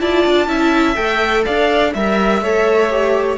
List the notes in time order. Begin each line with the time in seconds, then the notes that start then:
0.00 E4 F4 D5 A5
0.27 D4
0.48 C#4 E4 E5
0.96 A3 A4 G5
1.46 D4 D5 F5
1.94 G3 A#4 E5
2.42 A3 A4 C#5
2.90 G4